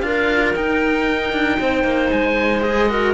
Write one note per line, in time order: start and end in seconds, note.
0.00 0.54 D4
0.00 0.55 F4
0.00 1.59 A#4
0.00 0.52 F5
0.55 1.32 D#4
0.55 2.62 D#4
0.55 2.12 G5
1.32 1.58 D4
1.59 1.84 C4
1.59 2.90 C5
1.84 2.10 A#3
2.12 3.14 G#3
2.12 2.62 G#5
2.62 2.88 G#4
2.62 3.14 D#5
2.89 3.14 F#4
2.89 3.14 A#4